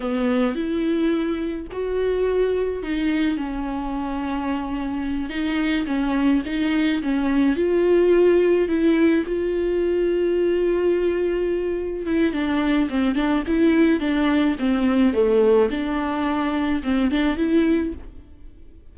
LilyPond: \new Staff \with { instrumentName = "viola" } { \time 4/4 \tempo 4 = 107 b4 e'2 fis'4~ | fis'4 dis'4 cis'2~ | cis'4. dis'4 cis'4 dis'8~ | dis'8 cis'4 f'2 e'8~ |
e'8 f'2.~ f'8~ | f'4. e'8 d'4 c'8 d'8 | e'4 d'4 c'4 a4 | d'2 c'8 d'8 e'4 | }